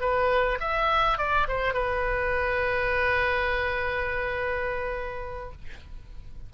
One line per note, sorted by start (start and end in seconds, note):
0.00 0.58 B4
0.60 1.18 E5
1.18 1.47 D5
1.48 1.73 C5
1.73 5.52 B4